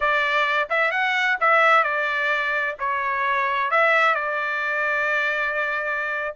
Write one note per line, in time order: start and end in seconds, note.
0.00 0.68 D5
0.69 0.91 E5
0.91 1.37 F#5
1.40 1.83 E5
1.83 2.75 D5
2.79 3.70 C#5
3.70 4.14 E5
4.14 6.34 D5